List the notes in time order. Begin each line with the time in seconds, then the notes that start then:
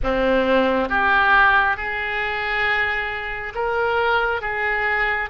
0.03 C4
0.89 G4
1.76 G#4
3.55 A#4
4.41 G#4